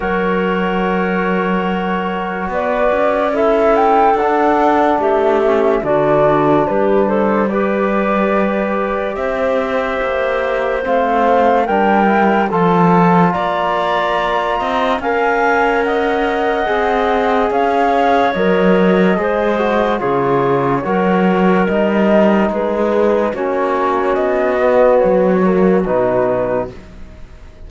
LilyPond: <<
  \new Staff \with { instrumentName = "flute" } { \time 4/4 \tempo 4 = 72 cis''2. d''4 | e''8 g''8 fis''4 e''4 d''4 | b'8 c''8 d''2 e''4~ | e''4 f''4 g''4 a''4 |
ais''2 gis''4 fis''4~ | fis''4 f''4 dis''2 | cis''2 dis''4 b'4 | cis''4 dis''4 cis''4 b'4 | }
  \new Staff \with { instrumentName = "clarinet" } { \time 4/4 ais'2. b'4 | a'2 g'4 fis'4 | g'8 a'8 b'2 c''4~ | c''2 ais'4 a'4 |
d''4. dis''8 f''4 dis''4~ | dis''4 cis''2 c''4 | gis'4 ais'2 gis'4 | fis'1 | }
  \new Staff \with { instrumentName = "trombone" } { \time 4/4 fis'1 | e'4 d'4. cis'8 d'4~ | d'4 g'2.~ | g'4 c'4 d'8 e'8 f'4~ |
f'2 ais'2 | gis'2 ais'4 gis'8 fis'8 | f'4 fis'4 dis'2 | cis'4. b4 ais8 dis'4 | }
  \new Staff \with { instrumentName = "cello" } { \time 4/4 fis2. b8 cis'8~ | cis'4 d'4 a4 d4 | g2. c'4 | ais4 a4 g4 f4 |
ais4. c'8 cis'2 | c'4 cis'4 fis4 gis4 | cis4 fis4 g4 gis4 | ais4 b4 fis4 b,4 | }
>>